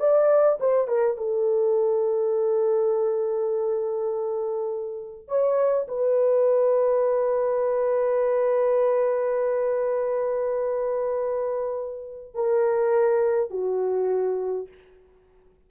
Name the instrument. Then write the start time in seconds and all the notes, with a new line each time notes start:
horn
0.00 D5
0.60 C5
0.88 A#4
1.17 A4
5.28 C#5
5.89 B4
12.35 A#4
13.51 F#4